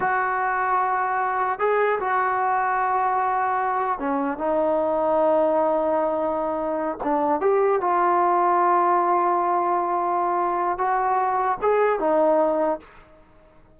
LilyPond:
\new Staff \with { instrumentName = "trombone" } { \time 4/4 \tempo 4 = 150 fis'1 | gis'4 fis'2.~ | fis'2 cis'4 dis'4~ | dis'1~ |
dis'4. d'4 g'4 f'8~ | f'1~ | f'2. fis'4~ | fis'4 gis'4 dis'2 | }